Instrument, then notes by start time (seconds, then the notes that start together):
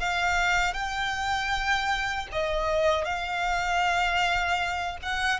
violin
0.00 F5
0.74 G5
2.32 D#5
3.05 F5
5.02 F#5